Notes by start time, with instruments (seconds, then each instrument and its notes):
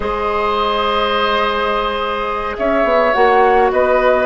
0.00 bassoon G#3, clarinet G#4, oboe C5, flute D#5
2.57 bassoon C#4, oboe C#5, flute E5
2.83 bassoon B3
3.13 bassoon A#3, clarinet F#4, flute F#5
3.71 bassoon B3, oboe B4, flute D#5